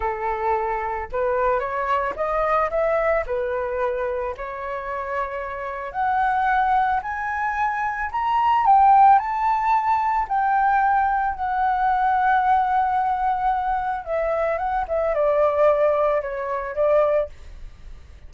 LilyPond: \new Staff \with { instrumentName = "flute" } { \time 4/4 \tempo 4 = 111 a'2 b'4 cis''4 | dis''4 e''4 b'2 | cis''2. fis''4~ | fis''4 gis''2 ais''4 |
g''4 a''2 g''4~ | g''4 fis''2.~ | fis''2 e''4 fis''8 e''8 | d''2 cis''4 d''4 | }